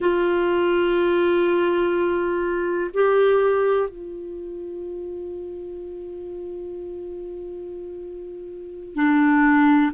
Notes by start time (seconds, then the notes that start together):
0.00 F4
2.93 G4
3.89 F4
8.94 D4